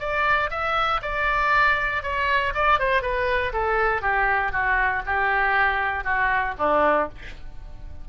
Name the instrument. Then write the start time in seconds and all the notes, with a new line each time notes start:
oboe
0.00 D5
0.51 E5
1.02 D5
2.03 C#5
2.55 D5
2.79 C5
3.03 B4
3.53 A4
4.02 G4
4.52 F#4
5.06 G4
6.04 F#4
6.58 D4